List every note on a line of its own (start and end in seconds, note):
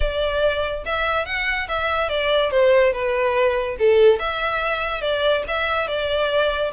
0.00 0.84 D5
0.85 1.25 E5
1.25 1.67 F#5
1.68 2.09 E5
2.09 2.51 D5
2.51 2.92 C5
2.92 3.76 B4
3.79 4.19 A4
4.19 5.01 E5
5.01 5.43 D5
5.47 5.87 E5
5.87 6.71 D5